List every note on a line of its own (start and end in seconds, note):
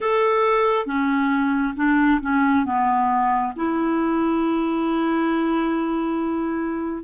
0.00 0.85 A4
0.85 1.74 C#4
1.76 2.20 D4
2.21 2.65 C#4
2.65 3.53 B3
3.55 7.03 E4